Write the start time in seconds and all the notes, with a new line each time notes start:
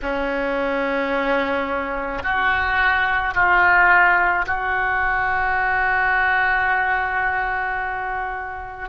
0.02 C#4
2.23 F#4
3.34 F4
4.46 F#4